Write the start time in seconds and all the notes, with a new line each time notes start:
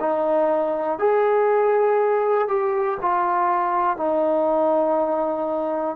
0.00 D#4
0.98 G#4
2.48 G4
3.01 F4
3.97 D#4